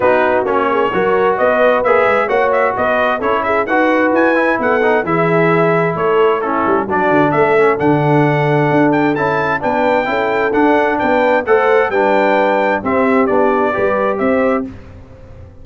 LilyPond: <<
  \new Staff \with { instrumentName = "trumpet" } { \time 4/4 \tempo 4 = 131 b'4 cis''2 dis''4 | e''4 fis''8 e''8 dis''4 cis''8 e''8 | fis''4 gis''4 fis''4 e''4~ | e''4 cis''4 a'4 d''4 |
e''4 fis''2~ fis''8 g''8 | a''4 g''2 fis''4 | g''4 fis''4 g''2 | e''4 d''2 e''4 | }
  \new Staff \with { instrumentName = "horn" } { \time 4/4 fis'4. gis'8 ais'4 b'4~ | b'4 cis''4 b'4 a'8 gis'8 | b'2 a'4 gis'4~ | gis'4 a'4 e'4 fis'4 |
a'1~ | a'4 b'4 a'2 | b'4 c''4 b'2 | g'2 b'4 c''4 | }
  \new Staff \with { instrumentName = "trombone" } { \time 4/4 dis'4 cis'4 fis'2 | gis'4 fis'2 e'4 | fis'4. e'4 dis'8 e'4~ | e'2 cis'4 d'4~ |
d'8 cis'8 d'2. | e'4 d'4 e'4 d'4~ | d'4 a'4 d'2 | c'4 d'4 g'2 | }
  \new Staff \with { instrumentName = "tuba" } { \time 4/4 b4 ais4 fis4 b4 | ais8 gis8 ais4 b4 cis'4 | dis'4 e'4 b4 e4~ | e4 a4. g8 fis8 d8 |
a4 d2 d'4 | cis'4 b4 cis'4 d'4 | b4 a4 g2 | c'4 b4 g4 c'4 | }
>>